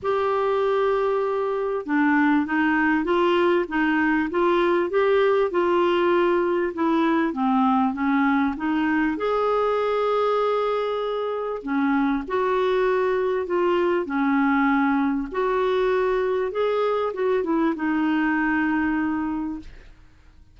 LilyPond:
\new Staff \with { instrumentName = "clarinet" } { \time 4/4 \tempo 4 = 98 g'2. d'4 | dis'4 f'4 dis'4 f'4 | g'4 f'2 e'4 | c'4 cis'4 dis'4 gis'4~ |
gis'2. cis'4 | fis'2 f'4 cis'4~ | cis'4 fis'2 gis'4 | fis'8 e'8 dis'2. | }